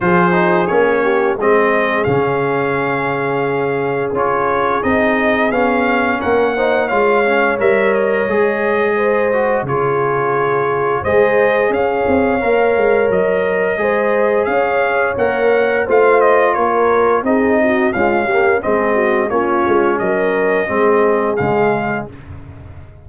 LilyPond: <<
  \new Staff \with { instrumentName = "trumpet" } { \time 4/4 \tempo 4 = 87 c''4 cis''4 dis''4 f''4~ | f''2 cis''4 dis''4 | f''4 fis''4 f''4 e''8 dis''8~ | dis''2 cis''2 |
dis''4 f''2 dis''4~ | dis''4 f''4 fis''4 f''8 dis''8 | cis''4 dis''4 f''4 dis''4 | cis''4 dis''2 f''4 | }
  \new Staff \with { instrumentName = "horn" } { \time 4/4 gis'4. g'8 gis'2~ | gis'1~ | gis'4 ais'8 c''8 cis''2~ | cis''4 c''4 gis'2 |
c''4 cis''2. | c''4 cis''2 c''4 | ais'4 gis'8 fis'8 f'8 g'8 gis'8 fis'8 | f'4 ais'4 gis'2 | }
  \new Staff \with { instrumentName = "trombone" } { \time 4/4 f'8 dis'8 cis'4 c'4 cis'4~ | cis'2 f'4 dis'4 | cis'4. dis'8 f'8 cis'8 ais'4 | gis'4. fis'8 f'2 |
gis'2 ais'2 | gis'2 ais'4 f'4~ | f'4 dis'4 gis8 ais8 c'4 | cis'2 c'4 gis4 | }
  \new Staff \with { instrumentName = "tuba" } { \time 4/4 f4 ais4 gis4 cis4~ | cis2 cis'4 c'4 | b4 ais4 gis4 g4 | gis2 cis2 |
gis4 cis'8 c'8 ais8 gis8 fis4 | gis4 cis'4 ais4 a4 | ais4 c'4 cis'4 gis4 | ais8 gis8 fis4 gis4 cis4 | }
>>